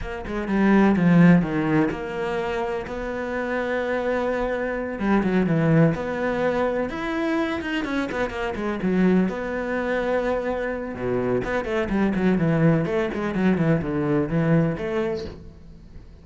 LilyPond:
\new Staff \with { instrumentName = "cello" } { \time 4/4 \tempo 4 = 126 ais8 gis8 g4 f4 dis4 | ais2 b2~ | b2~ b8 g8 fis8 e8~ | e8 b2 e'4. |
dis'8 cis'8 b8 ais8 gis8 fis4 b8~ | b2. b,4 | b8 a8 g8 fis8 e4 a8 gis8 | fis8 e8 d4 e4 a4 | }